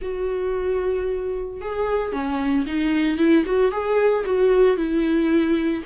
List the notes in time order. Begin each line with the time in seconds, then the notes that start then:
0.01 F#4
1.61 G#4
2.12 C#4
2.66 D#4
3.17 E4
3.45 F#4
3.71 G#4
4.25 F#4
4.76 E4